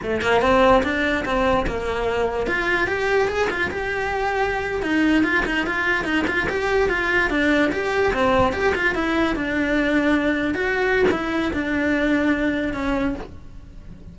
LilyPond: \new Staff \with { instrumentName = "cello" } { \time 4/4 \tempo 4 = 146 a8 ais8 c'4 d'4 c'4 | ais2 f'4 g'4 | gis'8 f'8 g'2~ g'8. dis'16~ | dis'8. f'8 dis'8 f'4 dis'8 f'8 g'16~ |
g'8. f'4 d'4 g'4 c'16~ | c'8. g'8 f'8 e'4 d'4~ d'16~ | d'4.~ d'16 fis'4~ fis'16 e'4 | d'2. cis'4 | }